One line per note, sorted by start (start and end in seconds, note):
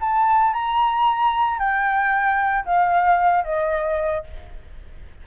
0.00 0.53 A5
0.53 1.58 A#5
1.58 2.65 G5
2.65 3.44 F5
3.44 4.24 D#5